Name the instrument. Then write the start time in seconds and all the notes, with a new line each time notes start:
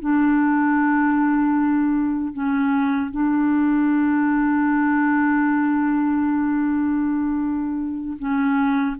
clarinet
0.00 D4
2.33 C#4
3.11 D4
8.18 C#4